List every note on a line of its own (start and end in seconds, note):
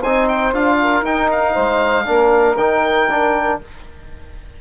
0.00 0.53 C4
0.00 0.54 D#4
0.00 0.76 C5
0.00 0.29 G#5
0.29 0.54 G5
0.53 1.02 D4
0.53 1.05 F4
0.53 1.05 F5
0.83 1.54 A#4
1.02 1.53 D#4
1.02 2.06 D#4
1.02 1.31 G5
1.31 2.58 F5
1.54 2.08 G#3
1.54 2.05 C5
2.06 2.57 A#3
2.06 2.57 D4
2.06 3.61 A#4
2.57 3.58 D#3
2.57 3.09 D#4
2.57 3.59 G5
3.11 3.62 D4